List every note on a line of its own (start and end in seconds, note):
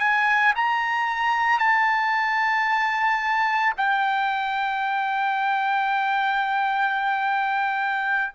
0.00 0.54 G#5
0.56 1.59 A#5
1.59 3.73 A5
3.77 8.32 G5